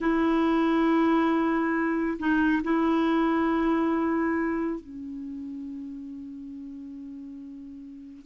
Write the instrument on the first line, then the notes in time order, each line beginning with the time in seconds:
clarinet
0.00 E4
2.19 D#4
2.63 E4
4.80 C#4